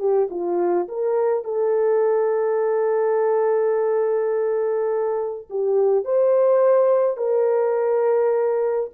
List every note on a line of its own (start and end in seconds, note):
0.00 0.29 G4
0.31 0.88 F4
0.89 1.45 A#4
1.45 5.49 A4
5.50 6.05 G4
6.05 7.17 C5
7.17 8.91 A#4